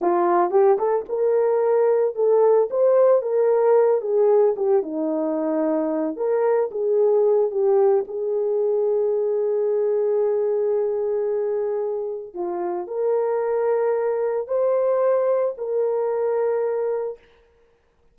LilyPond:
\new Staff \with { instrumentName = "horn" } { \time 4/4 \tempo 4 = 112 f'4 g'8 a'8 ais'2 | a'4 c''4 ais'4. gis'8~ | gis'8 g'8 dis'2~ dis'8 ais'8~ | ais'8 gis'4. g'4 gis'4~ |
gis'1~ | gis'2. f'4 | ais'2. c''4~ | c''4 ais'2. | }